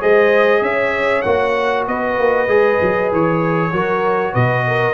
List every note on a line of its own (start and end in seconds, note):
0.00 0.61 G#3
0.00 1.24 G#4
0.00 0.62 C5
0.00 0.63 D#5
0.61 1.23 C#4
0.61 1.88 C#5
0.61 1.22 E5
1.22 1.87 A#3
1.22 2.48 F#4
1.22 1.84 F#5
1.87 2.18 B3
1.87 3.73 B4
1.87 3.11 D#5
2.18 2.48 A#3
2.48 2.79 G#3
2.48 3.72 G#4
2.81 3.12 F#3
3.12 3.72 E3
3.12 4.34 C#5
3.72 4.34 F#3
3.72 4.94 F#4
3.72 4.33 A#4
4.33 4.94 B2
4.33 4.64 B4
4.33 4.94 D#5
4.66 4.94 A#4